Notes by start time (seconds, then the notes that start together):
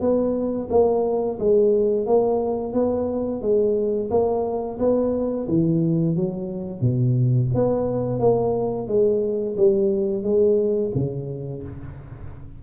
0.00 B3
0.70 A#3
1.39 G#3
2.06 A#3
2.73 B3
3.42 G#3
4.10 A#3
4.79 B3
5.48 E3
6.16 F#3
6.81 B2
7.54 B3
8.19 A#3
8.87 G#3
9.57 G3
10.23 G#3
10.95 C#3